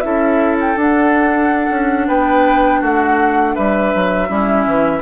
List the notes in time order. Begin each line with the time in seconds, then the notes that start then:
0.00 C#4 E4 A4 E5
0.60 G5
0.76 D4 F#5
1.70 C#4
2.08 B3 B4 G5
2.80 A3 F#4 F#5
3.55 G3 B4 E5
3.95 F#3
4.28 G3 C#4 E4
4.66 E3